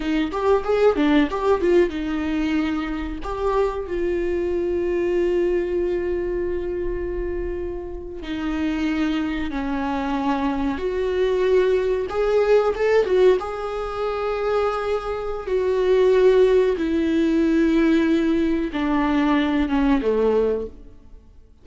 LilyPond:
\new Staff \with { instrumentName = "viola" } { \time 4/4 \tempo 4 = 93 dis'8 g'8 gis'8 d'8 g'8 f'8 dis'4~ | dis'4 g'4 f'2~ | f'1~ | f'8. dis'2 cis'4~ cis'16~ |
cis'8. fis'2 gis'4 a'16~ | a'16 fis'8 gis'2.~ gis'16 | fis'2 e'2~ | e'4 d'4. cis'8 a4 | }